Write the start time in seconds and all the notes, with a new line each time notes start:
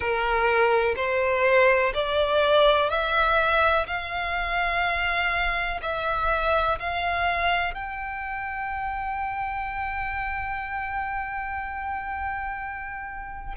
0.00 A#4
0.96 C5
1.94 D5
2.89 E5
3.87 F5
5.82 E5
6.79 F5
7.74 G5